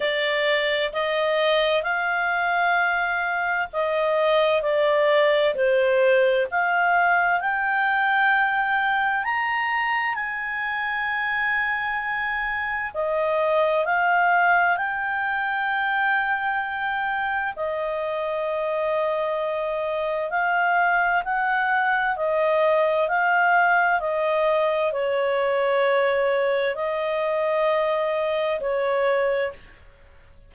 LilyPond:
\new Staff \with { instrumentName = "clarinet" } { \time 4/4 \tempo 4 = 65 d''4 dis''4 f''2 | dis''4 d''4 c''4 f''4 | g''2 ais''4 gis''4~ | gis''2 dis''4 f''4 |
g''2. dis''4~ | dis''2 f''4 fis''4 | dis''4 f''4 dis''4 cis''4~ | cis''4 dis''2 cis''4 | }